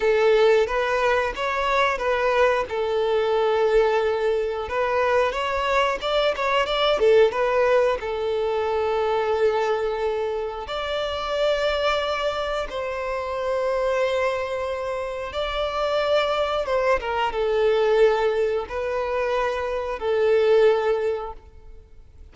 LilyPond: \new Staff \with { instrumentName = "violin" } { \time 4/4 \tempo 4 = 90 a'4 b'4 cis''4 b'4 | a'2. b'4 | cis''4 d''8 cis''8 d''8 a'8 b'4 | a'1 |
d''2. c''4~ | c''2. d''4~ | d''4 c''8 ais'8 a'2 | b'2 a'2 | }